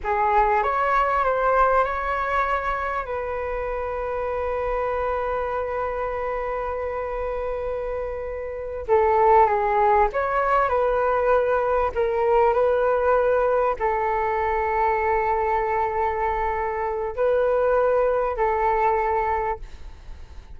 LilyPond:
\new Staff \with { instrumentName = "flute" } { \time 4/4 \tempo 4 = 98 gis'4 cis''4 c''4 cis''4~ | cis''4 b'2.~ | b'1~ | b'2~ b'8 a'4 gis'8~ |
gis'8 cis''4 b'2 ais'8~ | ais'8 b'2 a'4.~ | a'1 | b'2 a'2 | }